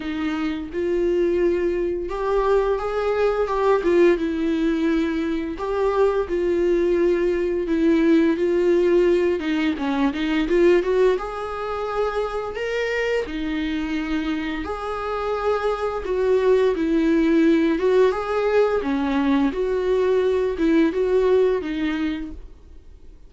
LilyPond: \new Staff \with { instrumentName = "viola" } { \time 4/4 \tempo 4 = 86 dis'4 f'2 g'4 | gis'4 g'8 f'8 e'2 | g'4 f'2 e'4 | f'4. dis'8 cis'8 dis'8 f'8 fis'8 |
gis'2 ais'4 dis'4~ | dis'4 gis'2 fis'4 | e'4. fis'8 gis'4 cis'4 | fis'4. e'8 fis'4 dis'4 | }